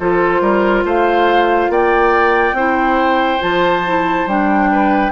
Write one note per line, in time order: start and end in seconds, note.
0.00 0.41 F3
0.00 2.57 F4
0.00 0.42 A4
0.00 0.86 C5
0.41 0.84 G3
0.41 0.85 A#4
0.85 1.69 A3
0.85 1.71 C5
0.85 1.72 F5
1.69 2.53 A#3
1.69 2.56 D5
1.69 3.42 G5
2.53 3.39 C4
2.53 3.40 E4
2.53 4.71 C5
3.40 4.26 F3
3.40 3.82 F4
3.40 4.28 A5
3.87 4.29 E4
4.26 5.12 G3
4.26 5.12 D4
4.26 5.12 G5
4.72 5.12 B4